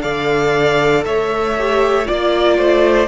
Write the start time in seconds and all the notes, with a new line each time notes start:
0.00 D3 A4 D5 F5
1.05 A3 C#5 E5
1.58 G4
2.05 A#3 F4 D5
2.58 A3 C5